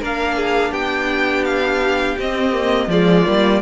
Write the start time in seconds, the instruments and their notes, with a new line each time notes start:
0.00 cello A#3, viola D4, violin A#4 F5
0.36 violin G#4
0.72 cello B3, violin G4 G5
1.45 violin F5
2.19 cello C4, viola C4, violin D#5
2.53 viola A#3
2.87 cello F3, viola G#3, violin F4 D5
3.26 cello G3, viola A#3